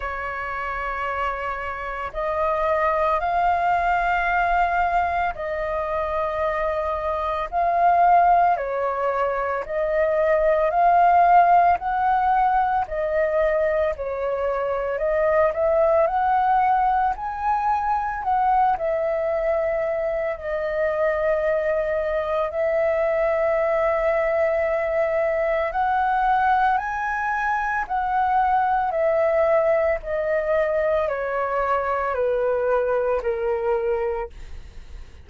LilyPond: \new Staff \with { instrumentName = "flute" } { \time 4/4 \tempo 4 = 56 cis''2 dis''4 f''4~ | f''4 dis''2 f''4 | cis''4 dis''4 f''4 fis''4 | dis''4 cis''4 dis''8 e''8 fis''4 |
gis''4 fis''8 e''4. dis''4~ | dis''4 e''2. | fis''4 gis''4 fis''4 e''4 | dis''4 cis''4 b'4 ais'4 | }